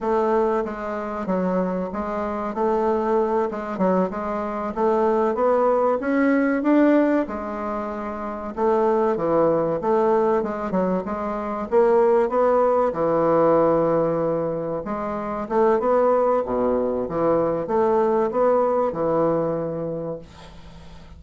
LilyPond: \new Staff \with { instrumentName = "bassoon" } { \time 4/4 \tempo 4 = 95 a4 gis4 fis4 gis4 | a4. gis8 fis8 gis4 a8~ | a8 b4 cis'4 d'4 gis8~ | gis4. a4 e4 a8~ |
a8 gis8 fis8 gis4 ais4 b8~ | b8 e2. gis8~ | gis8 a8 b4 b,4 e4 | a4 b4 e2 | }